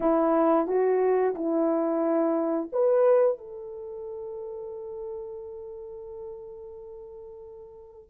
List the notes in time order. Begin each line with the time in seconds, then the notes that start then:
0.00 E4
0.67 F#4
1.35 E4
2.72 B4
3.38 A4